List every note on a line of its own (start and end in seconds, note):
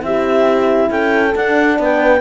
0.00 0.90 C4
0.00 1.32 E4
0.00 0.91 E5
0.06 0.90 G4
0.90 1.35 C#4
0.90 1.79 A4
0.90 1.36 G5
1.35 2.21 D4
1.35 1.80 D4
1.35 1.80 F#5
1.80 2.21 B3
1.80 2.21 B4
1.80 2.21 G5